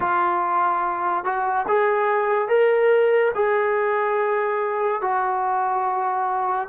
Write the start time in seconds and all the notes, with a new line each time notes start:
0.00 F4
1.24 F#4
1.67 G#4
2.48 A#4
3.34 G#4
5.01 F#4